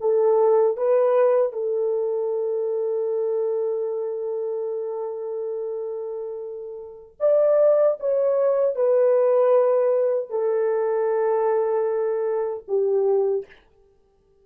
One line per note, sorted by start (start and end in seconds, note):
0.00 0.77 A4
0.77 1.52 B4
1.52 7.17 A4
7.20 7.98 D5
7.99 8.75 C#5
8.75 10.30 B4
10.30 12.63 A4
12.68 13.46 G4